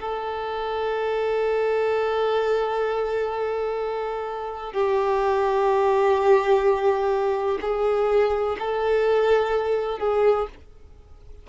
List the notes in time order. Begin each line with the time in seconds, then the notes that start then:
0.00 A4
4.73 G4
7.61 G#4
8.59 A4
10.00 G#4